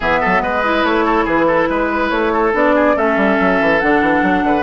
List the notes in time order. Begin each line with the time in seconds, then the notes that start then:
0.00 E3 B3 G#4 E5
0.21 F#3 A4
0.42 G#3 B4 D#5
0.63 E4
0.83 A3 C#5
1.04 A4
1.24 E3 G#4 B4
1.47 A4
1.69 G#3 B4
2.09 A3 C#5
2.32 A4
2.53 B3 D4 D5
2.75 G#4
2.95 A3 C#4 A4 E5
3.16 G3
3.40 F#3
3.60 E3
3.80 D3 D4 F#5
4.01 E3
4.22 F#3
4.43 D3 B4